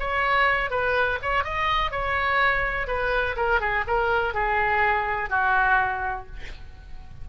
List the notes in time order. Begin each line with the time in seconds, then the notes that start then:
0.00 C#5
0.71 B4
1.22 C#5
1.44 D#5
1.92 C#5
2.87 B4
3.37 A#4
3.61 G#4
3.88 A#4
4.34 G#4
5.30 F#4